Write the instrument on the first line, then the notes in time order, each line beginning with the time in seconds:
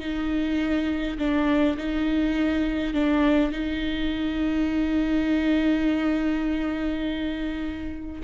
viola
0.00 D#4
1.18 D4
1.77 D#4
2.94 D4
3.51 D#4